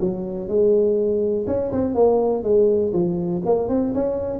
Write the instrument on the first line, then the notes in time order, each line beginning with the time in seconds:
tuba
0.00 F#3
0.48 G#3
1.47 C#4
1.72 C4
1.95 A#3
2.43 G#3
2.93 F3
3.45 A#3
3.69 C4
3.94 C#4